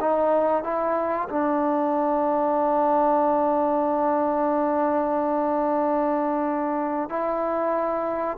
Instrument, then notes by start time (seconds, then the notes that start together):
trombone
0.00 D#4
0.63 E4
1.29 D4
7.09 E4